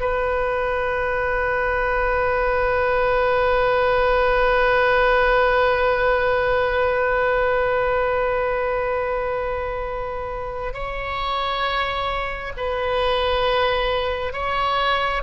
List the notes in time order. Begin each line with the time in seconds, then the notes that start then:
0.00 B4
10.74 C#5
12.57 B4
14.33 C#5